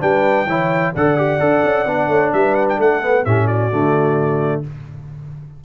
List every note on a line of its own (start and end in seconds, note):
0.00 0.46 G3
0.00 0.46 D4
0.00 0.47 B4
0.00 0.94 G5
0.46 0.92 E3
0.46 0.95 E4
0.46 0.93 C#5
0.94 1.40 D3
0.94 1.17 A4
0.94 2.09 D5
0.94 2.33 F#5
1.17 1.40 G4
1.40 1.63 D4
1.40 1.86 A4
1.64 1.86 C#4
1.86 2.08 B3
1.86 3.02 D4
2.08 2.31 A3
2.08 2.32 C#5
2.33 2.79 G3
2.33 2.78 B4
2.33 2.55 E5
2.55 2.66 F#5
2.69 2.80 G5
2.78 3.25 A3
2.78 3.24 A4
2.78 3.25 F#5
3.02 3.25 B3
3.25 3.71 A2
3.25 3.71 C#4
3.25 3.45 G4
3.25 3.47 E5
3.45 4.61 F#4
3.45 4.63 D5
3.71 4.65 D3
3.71 4.64 A3